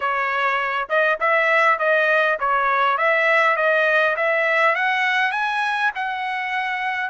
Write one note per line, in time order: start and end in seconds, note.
0.00 0.88 C#5
0.89 1.19 D#5
1.20 1.78 E5
1.78 2.38 D#5
2.39 2.97 C#5
2.97 3.56 E5
3.56 4.16 D#5
4.16 4.75 E5
4.75 5.31 F#5
5.31 5.91 G#5
5.95 7.10 F#5